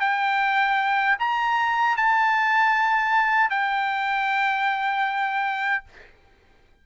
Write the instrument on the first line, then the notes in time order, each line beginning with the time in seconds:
trumpet
0.00 G5
1.19 A#5
1.97 A5
3.50 G5